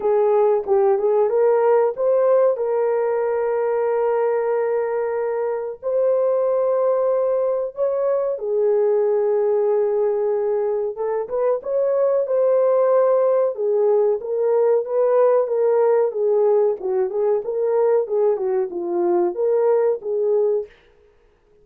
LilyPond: \new Staff \with { instrumentName = "horn" } { \time 4/4 \tempo 4 = 93 gis'4 g'8 gis'8 ais'4 c''4 | ais'1~ | ais'4 c''2. | cis''4 gis'2.~ |
gis'4 a'8 b'8 cis''4 c''4~ | c''4 gis'4 ais'4 b'4 | ais'4 gis'4 fis'8 gis'8 ais'4 | gis'8 fis'8 f'4 ais'4 gis'4 | }